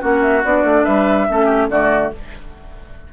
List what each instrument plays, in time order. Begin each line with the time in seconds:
0.00 bassoon A#3, clarinet C#4, oboe F#4, flute F#5
0.22 flute E5
0.44 bassoon B3, clarinet D4, flute D5
0.63 bassoon A3
0.84 bassoon G3, oboe B4, flute E5
1.29 bassoon A3, clarinet C#4, oboe A4
1.45 oboe G4
1.69 bassoon D3, clarinet A3, oboe F#4, flute D5